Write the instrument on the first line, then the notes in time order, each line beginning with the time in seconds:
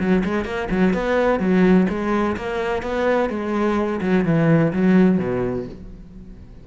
cello
0.00 F#3
0.25 G#3
0.45 A#3
0.71 F#3
0.94 B3
1.40 F#3
1.90 G#3
2.37 A#3
2.83 B3
3.30 G#3
4.02 F#3
4.25 E3
4.73 F#3
5.19 B2